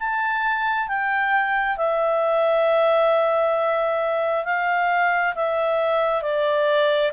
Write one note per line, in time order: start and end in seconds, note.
0.00 0.88 A5
0.88 1.77 G5
1.77 4.45 E5
4.45 5.35 F5
5.35 6.22 E5
6.22 7.12 D5